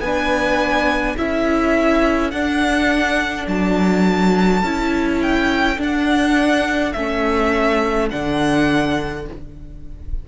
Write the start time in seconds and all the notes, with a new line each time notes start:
0.00 B3 B4 G#5
0.06 D4
1.18 C#4 E4 A4 E5
2.31 D4 F#5
3.48 F#3 A5
4.63 C#4 E4
5.22 G5
5.78 D4 F#5
6.93 A3 C#4 E5
8.11 D3 D4 F#5